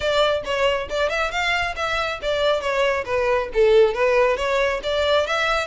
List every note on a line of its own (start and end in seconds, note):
0.00 0.43 D5
0.44 0.88 C#5
0.89 1.09 D5
1.09 1.31 E5
1.31 1.74 F5
1.76 2.19 E5
2.21 2.60 D5
2.60 3.04 C#5
3.05 3.49 B4
3.53 3.94 A4
3.94 4.36 B4
4.36 4.80 C#5
4.83 5.27 D5
5.27 5.67 E5